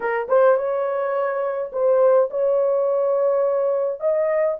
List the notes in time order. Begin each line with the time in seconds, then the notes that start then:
0.00 A#4
0.28 C5
0.57 C#5
1.72 C5
2.30 C#5
4.00 D#5